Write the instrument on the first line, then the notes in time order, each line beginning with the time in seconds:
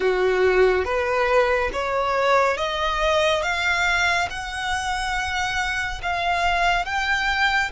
violin
0.00 F#4
0.85 B4
1.72 C#5
2.57 D#5
3.42 F5
4.29 F#5
6.02 F5
6.85 G5